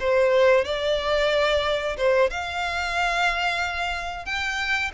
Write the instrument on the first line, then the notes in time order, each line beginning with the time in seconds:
violin
0.00 C5
0.65 D5
1.97 C5
2.30 F5
4.26 G5